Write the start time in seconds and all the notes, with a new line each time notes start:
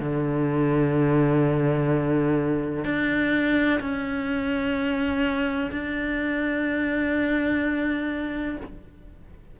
0.00 D3
2.85 D4
3.80 C#4
5.71 D4